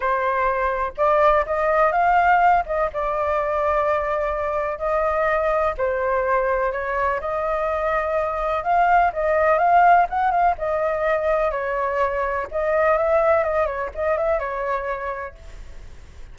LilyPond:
\new Staff \with { instrumentName = "flute" } { \time 4/4 \tempo 4 = 125 c''2 d''4 dis''4 | f''4. dis''8 d''2~ | d''2 dis''2 | c''2 cis''4 dis''4~ |
dis''2 f''4 dis''4 | f''4 fis''8 f''8 dis''2 | cis''2 dis''4 e''4 | dis''8 cis''8 dis''8 e''8 cis''2 | }